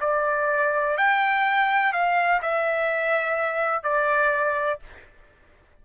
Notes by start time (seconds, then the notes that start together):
0.00 D5
0.97 G5
1.93 F5
2.41 E5
3.83 D5